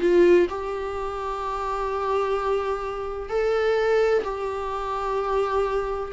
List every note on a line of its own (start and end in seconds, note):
0.00 0.47 F4
0.49 3.29 G4
3.29 4.23 A4
4.24 6.12 G4